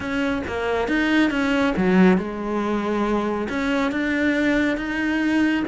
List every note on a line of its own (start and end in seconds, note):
0.00 0.42 C#4
0.47 0.88 A#3
0.88 1.30 D#4
1.30 1.74 C#4
1.76 2.17 F#3
2.17 3.48 G#3
3.49 3.91 C#4
3.91 4.77 D4
4.77 5.64 D#4